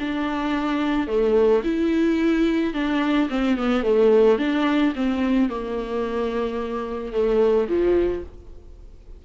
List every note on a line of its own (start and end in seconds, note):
0.00 1.08 D4
1.08 1.63 A3
1.64 2.74 E4
2.74 3.29 D4
3.30 3.57 C4
3.57 3.84 B3
3.84 4.39 A3
4.39 4.94 D4
4.95 5.50 C4
5.50 7.13 A#3
7.13 7.68 A3
7.69 8.24 F3